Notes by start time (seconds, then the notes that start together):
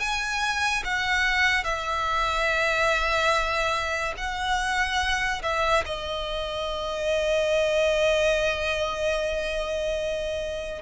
0.00 G#5
0.85 F#5
1.64 E5
4.17 F#5
5.43 E5
5.86 D#5